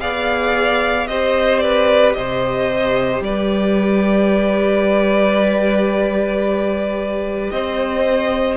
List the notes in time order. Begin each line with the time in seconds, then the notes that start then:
0.00 B3 G#4 D5 F5
1.07 C4 G4 C5 D#5
1.59 B4 D5
2.13 C3 C5 D#5
3.21 G3 B4 D5
7.50 C4 C5 D#5